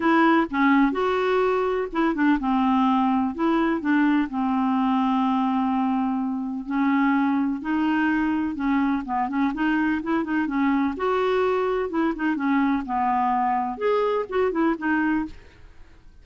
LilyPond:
\new Staff \with { instrumentName = "clarinet" } { \time 4/4 \tempo 4 = 126 e'4 cis'4 fis'2 | e'8 d'8 c'2 e'4 | d'4 c'2.~ | c'2 cis'2 |
dis'2 cis'4 b8 cis'8 | dis'4 e'8 dis'8 cis'4 fis'4~ | fis'4 e'8 dis'8 cis'4 b4~ | b4 gis'4 fis'8 e'8 dis'4 | }